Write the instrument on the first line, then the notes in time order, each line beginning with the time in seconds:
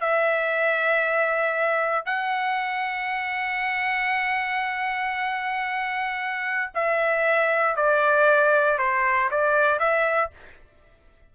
trumpet
0.00 E5
2.06 F#5
6.74 E5
7.76 D5
8.78 C5
9.31 D5
9.79 E5